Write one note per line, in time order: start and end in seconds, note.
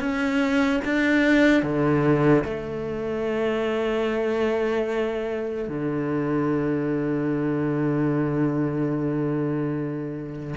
0.00 0.81 C#4
0.85 1.63 D4
1.63 2.44 D3
2.45 5.69 A3
5.69 10.56 D3